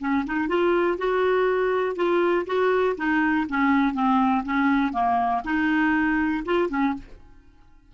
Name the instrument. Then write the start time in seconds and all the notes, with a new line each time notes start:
clarinet
0.00 C#4
0.26 D#4
0.48 F4
0.98 F#4
1.96 F4
2.46 F#4
2.97 D#4
3.48 C#4
3.94 C4
4.44 C#4
4.93 A#3
5.44 D#4
6.45 F4
6.69 C#4